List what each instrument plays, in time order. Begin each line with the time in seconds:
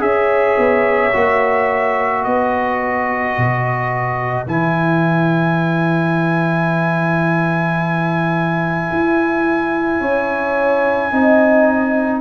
0.00 tuba C#4, trombone G#4, horn C#5, trumpet E5
0.58 tuba B3
1.13 tuba A#3, trombone F#4
2.24 tuba B3, horn B4, trumpet D#5
3.38 tuba B2
4.47 tuba E3, trombone E4, trumpet G#5
8.92 tuba E4
10.01 tuba C#4, horn C#5
11.12 tuba C4, trombone D#4, horn D#5